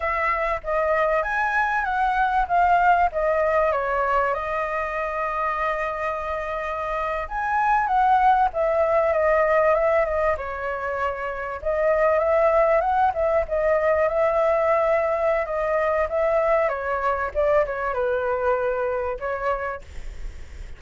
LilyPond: \new Staff \with { instrumentName = "flute" } { \time 4/4 \tempo 4 = 97 e''4 dis''4 gis''4 fis''4 | f''4 dis''4 cis''4 dis''4~ | dis''2.~ dis''8. gis''16~ | gis''8. fis''4 e''4 dis''4 e''16~ |
e''16 dis''8 cis''2 dis''4 e''16~ | e''8. fis''8 e''8 dis''4 e''4~ e''16~ | e''4 dis''4 e''4 cis''4 | d''8 cis''8 b'2 cis''4 | }